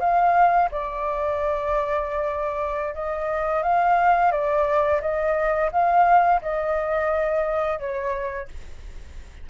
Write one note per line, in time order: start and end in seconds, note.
0.00 0.69 F5
0.71 2.94 D5
2.94 3.63 D#5
3.63 4.31 F5
4.31 5.00 D5
5.01 5.70 D#5
5.72 6.41 F5
6.41 7.79 D#5
7.79 8.48 C#5